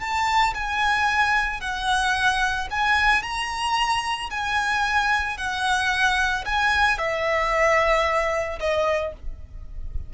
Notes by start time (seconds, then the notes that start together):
0.00 A5
0.54 G#5
1.60 F#5
2.70 G#5
3.22 A#5
4.30 G#5
5.37 F#5
6.45 G#5
6.98 E5
8.59 D#5